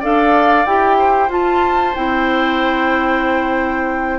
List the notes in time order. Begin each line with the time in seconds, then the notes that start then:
0.00 D4 A4 D5 F5
0.65 E4 G4 G5
0.99 C5
1.29 F4 A5
1.95 C4 E4 G5